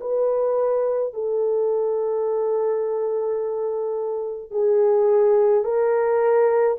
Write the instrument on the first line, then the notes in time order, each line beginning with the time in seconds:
horn
0.00 B4
1.13 A4
4.51 G#4
5.64 A#4